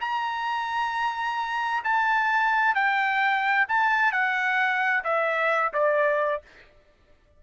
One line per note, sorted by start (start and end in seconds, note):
0.00 1.83 A#5
1.84 2.75 A5
2.75 3.66 G5
3.68 4.11 A5
4.11 5.03 F#5
5.04 5.72 E5
5.73 6.42 D5